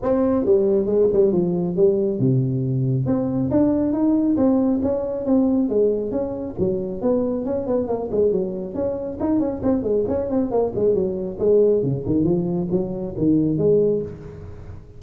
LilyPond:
\new Staff \with { instrumentName = "tuba" } { \time 4/4 \tempo 4 = 137 c'4 g4 gis8 g8 f4 | g4 c2 c'4 | d'4 dis'4 c'4 cis'4 | c'4 gis4 cis'4 fis4 |
b4 cis'8 b8 ais8 gis8 fis4 | cis'4 dis'8 cis'8 c'8 gis8 cis'8 c'8 | ais8 gis8 fis4 gis4 cis8 dis8 | f4 fis4 dis4 gis4 | }